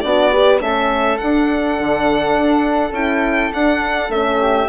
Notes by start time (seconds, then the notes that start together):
0.00 B3 D4 F#4 D5
0.31 G4 B4
0.60 A3 C#4 A4 E5
1.17 D4 F#5
1.79 D3
2.37 D4
2.91 C#4 E4 G5
3.53 D4 F#5
4.09 A3 C#4 E5
4.40 G4